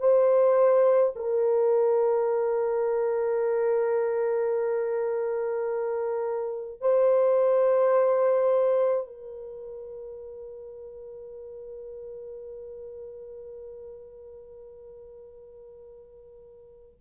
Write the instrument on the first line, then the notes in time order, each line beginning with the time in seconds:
horn
0.00 C5
1.16 A#4
6.81 C5
9.07 A#4